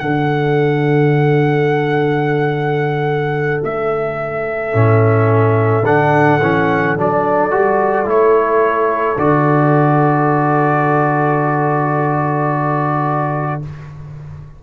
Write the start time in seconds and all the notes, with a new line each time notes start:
0.00 D3 D4 A4 F#5
3.64 A3 E5
4.73 A2 C#4
5.83 D3 D4 F#5
6.42 E3 C#4
6.98 F#3 D4 D5
7.51 G3 F#4
8.06 A3 E4 C#5
9.18 D3 F#4 D5